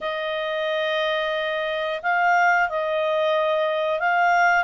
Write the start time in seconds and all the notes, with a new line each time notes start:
0.01 D#5
2.02 F5
2.68 D#5
3.99 F5